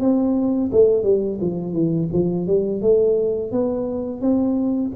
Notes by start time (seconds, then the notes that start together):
0.00 C4
0.72 A3
1.03 G3
1.41 F3
1.73 E3
2.13 F3
2.47 G3
2.81 A3
3.52 B3
4.21 C4